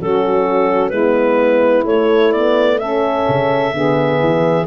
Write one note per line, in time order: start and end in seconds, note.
0.00 0.91 F#3
0.00 0.94 C#4
0.00 0.90 F#4
0.00 0.90 A4
0.90 1.85 G#3
0.90 1.87 B3
0.90 2.78 E4
0.90 1.84 B4
1.85 3.26 A3
1.85 2.35 A3
1.85 2.33 C#5
2.33 2.80 B3
2.33 2.79 D5
2.79 3.73 C#4
2.79 3.75 A4
2.79 4.67 E5
3.29 3.74 C#3
3.73 4.21 D3
3.73 4.67 B3
3.73 4.68 G#4
4.21 4.67 E3